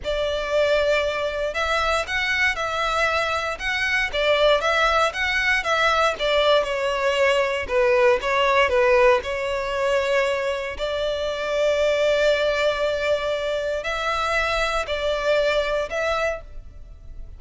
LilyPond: \new Staff \with { instrumentName = "violin" } { \time 4/4 \tempo 4 = 117 d''2. e''4 | fis''4 e''2 fis''4 | d''4 e''4 fis''4 e''4 | d''4 cis''2 b'4 |
cis''4 b'4 cis''2~ | cis''4 d''2.~ | d''2. e''4~ | e''4 d''2 e''4 | }